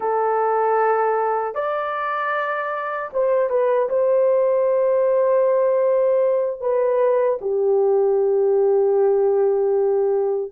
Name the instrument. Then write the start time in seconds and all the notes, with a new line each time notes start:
horn
0.00 A4
1.54 D5
3.13 C5
3.49 B4
3.89 C5
6.61 B4
7.41 G4